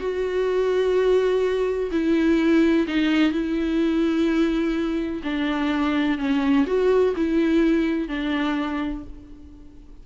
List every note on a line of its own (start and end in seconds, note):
0.00 1.90 F#4
1.92 2.87 E4
2.88 3.32 D#4
3.32 5.23 E4
5.24 6.19 D4
6.19 6.66 C#4
6.67 7.15 F#4
7.17 8.09 E4
8.09 9.04 D4